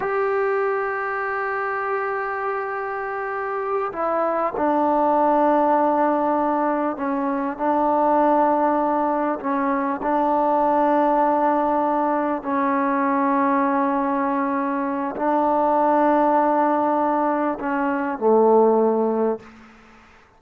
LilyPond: \new Staff \with { instrumentName = "trombone" } { \time 4/4 \tempo 4 = 99 g'1~ | g'2~ g'8 e'4 d'8~ | d'2.~ d'8 cis'8~ | cis'8 d'2. cis'8~ |
cis'8 d'2.~ d'8~ | d'8 cis'2.~ cis'8~ | cis'4 d'2.~ | d'4 cis'4 a2 | }